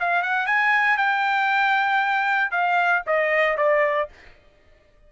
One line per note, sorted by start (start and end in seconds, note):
0.00 0.23 F5
0.23 0.47 F#5
0.47 0.98 G#5
0.98 2.51 G5
2.51 3.03 F5
3.07 3.57 D#5
3.57 4.09 D5